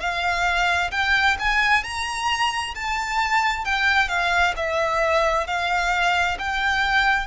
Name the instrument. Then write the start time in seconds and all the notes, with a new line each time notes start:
violin
0.00 F5
0.91 G5
1.39 G#5
1.83 A#5
2.75 A5
3.65 G5
4.08 F5
4.56 E5
5.47 F5
6.38 G5